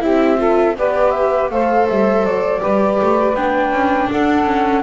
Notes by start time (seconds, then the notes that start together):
0.00 C4 E4 G4 E5
0.37 F4 A4
0.77 B3 G4 B4 D5
1.11 E5
1.50 A3 A4 C5 F5
1.89 G3 E5
2.23 F#3 D5
2.60 G3 G4 B4
3.02 A3
3.35 B3 D4 G5
3.72 C#4
4.09 D4 A4 F#5
4.44 C#4